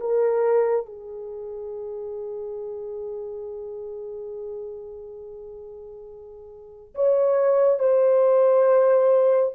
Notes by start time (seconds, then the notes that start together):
0.00 A#4
0.86 G#4
6.95 C#5
7.79 C5